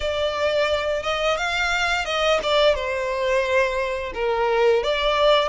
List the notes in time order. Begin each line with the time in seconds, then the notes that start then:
0.00 D5
1.03 D#5
1.37 F5
2.05 D#5
2.43 D5
2.75 C5
4.14 A#4
4.83 D5